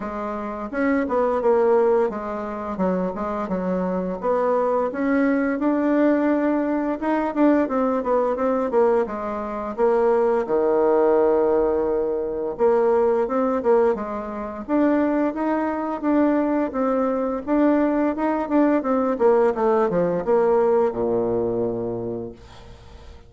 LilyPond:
\new Staff \with { instrumentName = "bassoon" } { \time 4/4 \tempo 4 = 86 gis4 cis'8 b8 ais4 gis4 | fis8 gis8 fis4 b4 cis'4 | d'2 dis'8 d'8 c'8 b8 | c'8 ais8 gis4 ais4 dis4~ |
dis2 ais4 c'8 ais8 | gis4 d'4 dis'4 d'4 | c'4 d'4 dis'8 d'8 c'8 ais8 | a8 f8 ais4 ais,2 | }